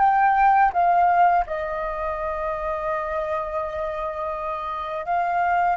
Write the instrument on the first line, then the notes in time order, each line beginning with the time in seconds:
flute
0.00 G5
0.73 F5
1.47 D#5
5.06 F5